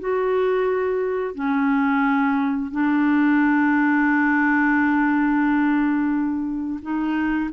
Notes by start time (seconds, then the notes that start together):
0.00 F#4
1.35 C#4
2.71 D4
6.82 D#4